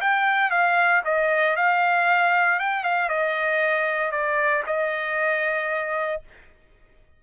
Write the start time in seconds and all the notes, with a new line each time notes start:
0.00 G5
0.50 F5
1.04 D#5
1.56 F5
2.59 G5
2.84 F5
3.09 D#5
4.11 D5
4.66 D#5